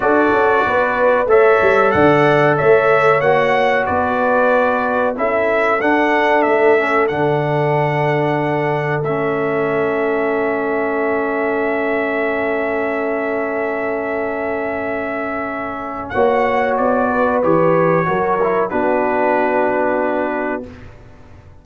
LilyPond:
<<
  \new Staff \with { instrumentName = "trumpet" } { \time 4/4 \tempo 4 = 93 d''2 e''4 fis''4 | e''4 fis''4 d''2 | e''4 fis''4 e''4 fis''4~ | fis''2 e''2~ |
e''1~ | e''1~ | e''4 fis''4 d''4 cis''4~ | cis''4 b'2. | }
  \new Staff \with { instrumentName = "horn" } { \time 4/4 a'4 b'4 cis''4 d''4 | cis''2 b'2 | a'1~ | a'1~ |
a'1~ | a'1~ | a'4 cis''4. b'4. | ais'4 fis'2. | }
  \new Staff \with { instrumentName = "trombone" } { \time 4/4 fis'2 a'2~ | a'4 fis'2. | e'4 d'4. cis'8 d'4~ | d'2 cis'2~ |
cis'1~ | cis'1~ | cis'4 fis'2 g'4 | fis'8 e'8 d'2. | }
  \new Staff \with { instrumentName = "tuba" } { \time 4/4 d'8 cis'8 b4 a8 g8 d4 | a4 ais4 b2 | cis'4 d'4 a4 d4~ | d2 a2~ |
a1~ | a1~ | a4 ais4 b4 e4 | fis4 b2. | }
>>